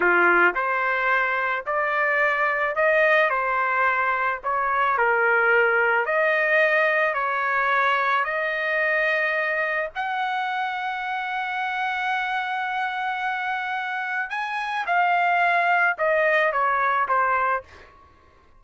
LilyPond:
\new Staff \with { instrumentName = "trumpet" } { \time 4/4 \tempo 4 = 109 f'4 c''2 d''4~ | d''4 dis''4 c''2 | cis''4 ais'2 dis''4~ | dis''4 cis''2 dis''4~ |
dis''2 fis''2~ | fis''1~ | fis''2 gis''4 f''4~ | f''4 dis''4 cis''4 c''4 | }